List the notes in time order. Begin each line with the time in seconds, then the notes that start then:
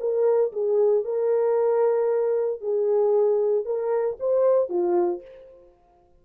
0.00 A#4
0.52 G#4
1.04 A#4
2.61 G#4
3.65 A#4
4.20 C5
4.69 F4